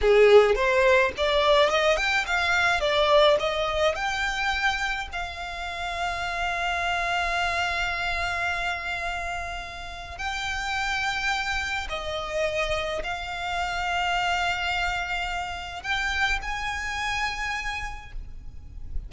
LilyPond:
\new Staff \with { instrumentName = "violin" } { \time 4/4 \tempo 4 = 106 gis'4 c''4 d''4 dis''8 g''8 | f''4 d''4 dis''4 g''4~ | g''4 f''2.~ | f''1~ |
f''2 g''2~ | g''4 dis''2 f''4~ | f''1 | g''4 gis''2. | }